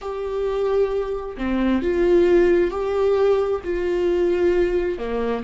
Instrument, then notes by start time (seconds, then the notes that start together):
viola
0.01 G4
1.37 C4
1.82 F4
2.71 G4
3.63 F4
4.98 A#3